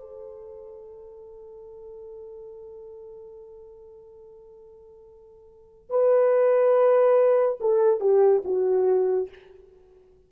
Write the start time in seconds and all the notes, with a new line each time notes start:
0.00 A4
5.90 B4
7.60 A4
8.00 G4
8.44 F#4